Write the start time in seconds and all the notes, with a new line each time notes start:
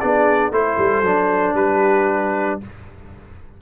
0.00 B3 D4 G#4 D5
0.51 A3 E4 A4 C5
0.78 G3
1.02 F#3 D4
1.54 G3 G4 B4